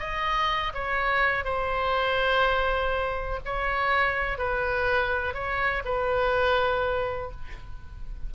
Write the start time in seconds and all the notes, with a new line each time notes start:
0.00 D#5
0.74 C#5
1.45 C5
3.45 C#5
4.39 B4
5.34 C#5
5.85 B4